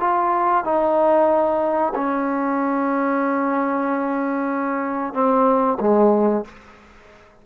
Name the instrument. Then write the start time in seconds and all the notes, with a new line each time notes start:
trombone
0.00 F4
0.65 D#4
1.95 C#4
5.14 C4
5.80 G#3